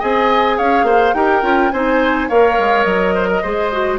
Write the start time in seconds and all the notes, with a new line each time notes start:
0.00 C4 G#4 D#5 G#5
0.57 C#4 C#5 F5
0.84 A#3 C5
1.14 D#4 G4 A#4 G5
1.43 C#4 F4
1.72 C4 D#4 C5 G#5
2.29 A#3 A#4 C#5 F5
2.59 G#3
2.84 F#3 D#5
3.15 C5
3.28 A#4
3.42 G#3 G#4 C5
3.73 F#4